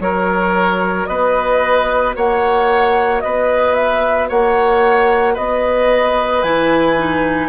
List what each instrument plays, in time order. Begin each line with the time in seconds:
0.00 bassoon F#3, clarinet F#4, oboe A#4, flute C#5
1.06 bassoon B3, oboe B4, flute D#5
2.16 bassoon A#3, oboe C#5, flute F#5
3.21 bassoon B3, oboe B4, flute D#5
3.74 flute E5
4.29 bassoon A#3, oboe C#5, flute F#5
5.34 bassoon B3, oboe B4, flute D#5
6.43 bassoon E3, clarinet E4, flute G#5
6.98 clarinet D#4